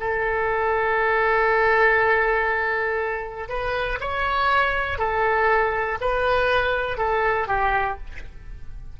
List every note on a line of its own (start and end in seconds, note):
0.00 3.49 A4
3.49 3.99 B4
4.00 4.98 C#5
4.98 5.98 A4
6.01 6.98 B4
6.98 7.48 A4
7.48 7.98 G4